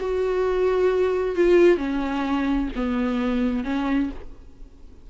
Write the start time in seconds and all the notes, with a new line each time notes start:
0.00 F#4
1.36 F4
1.77 C#4
2.75 B3
3.64 C#4